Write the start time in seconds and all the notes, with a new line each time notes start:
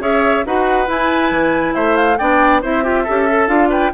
0.00 C#4 G#4 C#5 E5
0.46 D#4 F#4 B4 F#5
0.87 E4 G#5
1.31 E3
1.75 A3 C5 E5
1.97 F5
2.18 B3 D4 D5 G5
2.62 C4 E4 C5 E5
2.84 F4 G4
3.04 C#4 G4 A4
3.29 A4
3.48 D4 F4 F5
3.70 B4 G5